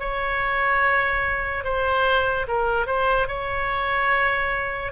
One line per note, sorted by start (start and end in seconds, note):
0.00 1.64 C#5
1.64 2.47 C5
2.48 2.87 A#4
2.87 3.28 C5
3.28 4.92 C#5